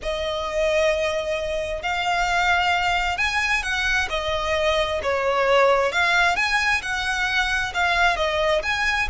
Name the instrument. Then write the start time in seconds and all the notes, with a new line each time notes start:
violin
0.02 D#5
1.82 F5
3.17 G#5
3.63 F#5
4.09 D#5
5.02 C#5
5.92 F5
6.36 G#5
6.82 F#5
7.74 F5
8.16 D#5
8.63 G#5